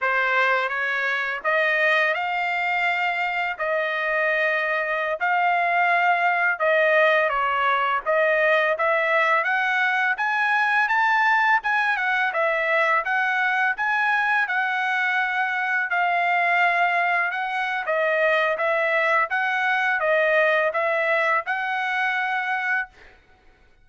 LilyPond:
\new Staff \with { instrumentName = "trumpet" } { \time 4/4 \tempo 4 = 84 c''4 cis''4 dis''4 f''4~ | f''4 dis''2~ dis''16 f''8.~ | f''4~ f''16 dis''4 cis''4 dis''8.~ | dis''16 e''4 fis''4 gis''4 a''8.~ |
a''16 gis''8 fis''8 e''4 fis''4 gis''8.~ | gis''16 fis''2 f''4.~ f''16~ | f''16 fis''8. dis''4 e''4 fis''4 | dis''4 e''4 fis''2 | }